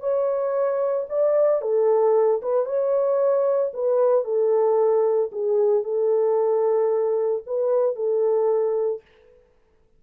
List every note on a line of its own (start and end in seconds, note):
0.00 1.06 C#5
1.09 1.61 D5
1.61 2.41 A4
2.42 2.66 B4
2.66 3.72 C#5
3.74 4.24 B4
4.24 5.30 A4
5.32 5.84 G#4
5.84 7.43 A4
7.46 7.95 B4
7.95 9.02 A4